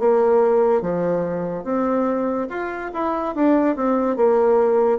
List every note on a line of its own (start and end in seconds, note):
0.00 0.82 A#3
0.82 1.64 F3
1.64 2.48 C4
2.50 2.92 F4
2.94 3.36 E4
3.36 3.76 D4
3.76 4.17 C4
4.17 4.99 A#3